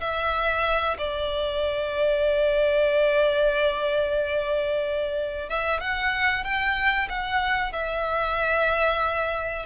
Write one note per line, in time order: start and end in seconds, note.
0.00 0.97 E5
0.98 5.49 D5
5.49 5.80 E5
5.80 6.44 F#5
6.44 7.08 G5
7.09 7.72 F#5
7.72 9.65 E5